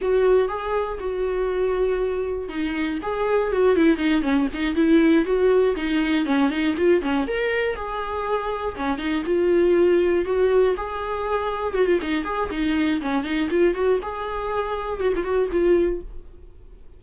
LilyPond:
\new Staff \with { instrumentName = "viola" } { \time 4/4 \tempo 4 = 120 fis'4 gis'4 fis'2~ | fis'4 dis'4 gis'4 fis'8 e'8 | dis'8 cis'8 dis'8 e'4 fis'4 dis'8~ | dis'8 cis'8 dis'8 f'8 cis'8 ais'4 gis'8~ |
gis'4. cis'8 dis'8 f'4.~ | f'8 fis'4 gis'2 fis'16 f'16 | dis'8 gis'8 dis'4 cis'8 dis'8 f'8 fis'8 | gis'2 fis'16 f'16 fis'8 f'4 | }